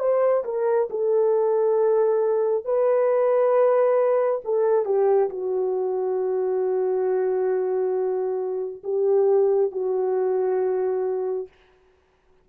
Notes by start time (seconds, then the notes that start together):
0.00 C5
0.45 A#4
0.90 A4
2.65 B4
4.45 A4
4.85 G4
5.30 F#4
8.84 G4
9.72 F#4